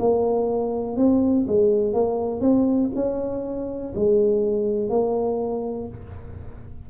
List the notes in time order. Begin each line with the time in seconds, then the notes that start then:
0.00 A#3
0.97 C4
1.47 G#3
1.94 A#3
2.41 C4
2.95 C#4
3.95 G#3
4.90 A#3